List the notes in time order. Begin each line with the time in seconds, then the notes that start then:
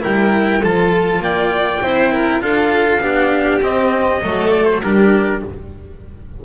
0.00 G3 E4 A#4 G5
0.61 F3 F4 A4 A5
1.19 A#3 D5 G5
1.82 C4 E4 C5
2.12 A#4
2.40 D4 F4 A4 F5
3.00 B3 D4 G4
3.61 C4 D#5
4.21 F#3 A3 A4
4.50 D5
4.65 C5
4.82 G3 D4 G4 A#4